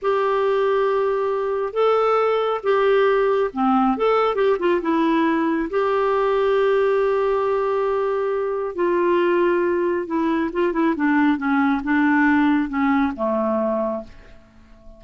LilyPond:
\new Staff \with { instrumentName = "clarinet" } { \time 4/4 \tempo 4 = 137 g'1 | a'2 g'2 | c'4 a'4 g'8 f'8 e'4~ | e'4 g'2.~ |
g'1 | f'2. e'4 | f'8 e'8 d'4 cis'4 d'4~ | d'4 cis'4 a2 | }